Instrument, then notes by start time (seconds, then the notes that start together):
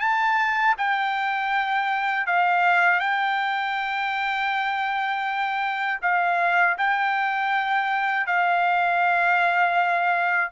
trumpet
0.00 A5
0.78 G5
2.26 F5
3.00 G5
6.02 F5
6.78 G5
8.26 F5